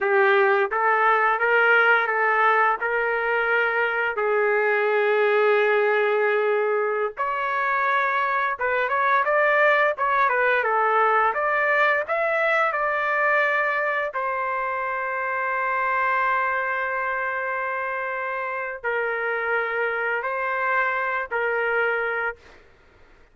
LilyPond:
\new Staff \with { instrumentName = "trumpet" } { \time 4/4 \tempo 4 = 86 g'4 a'4 ais'4 a'4 | ais'2 gis'2~ | gis'2~ gis'16 cis''4.~ cis''16~ | cis''16 b'8 cis''8 d''4 cis''8 b'8 a'8.~ |
a'16 d''4 e''4 d''4.~ d''16~ | d''16 c''2.~ c''8.~ | c''2. ais'4~ | ais'4 c''4. ais'4. | }